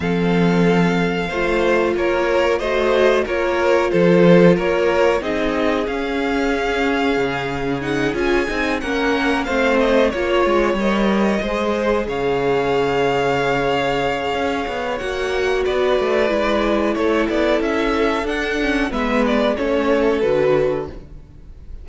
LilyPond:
<<
  \new Staff \with { instrumentName = "violin" } { \time 4/4 \tempo 4 = 92 f''2. cis''4 | dis''4 cis''4 c''4 cis''4 | dis''4 f''2. | fis''8 gis''4 fis''4 f''8 dis''8 cis''8~ |
cis''8 dis''2 f''4.~ | f''2. fis''4 | d''2 cis''8 d''8 e''4 | fis''4 e''8 d''8 cis''4 b'4 | }
  \new Staff \with { instrumentName = "violin" } { \time 4/4 a'2 c''4 ais'4 | c''4 ais'4 a'4 ais'4 | gis'1~ | gis'4. ais'4 c''4 cis''8~ |
cis''4. c''4 cis''4.~ | cis''1 | b'2 a'2~ | a'4 b'4 a'2 | }
  \new Staff \with { instrumentName = "viola" } { \time 4/4 c'2 f'2 | fis'4 f'2. | dis'4 cis'2. | dis'8 f'8 dis'8 cis'4 c'4 f'8~ |
f'8 ais'4 gis'2~ gis'8~ | gis'2. fis'4~ | fis'4 e'2. | d'8 cis'8 b4 cis'4 fis'4 | }
  \new Staff \with { instrumentName = "cello" } { \time 4/4 f2 a4 ais4 | a4 ais4 f4 ais4 | c'4 cis'2 cis4~ | cis8 cis'8 c'8 ais4 a4 ais8 |
gis8 g4 gis4 cis4.~ | cis2 cis'8 b8 ais4 | b8 a8 gis4 a8 b8 cis'4 | d'4 gis4 a4 d4 | }
>>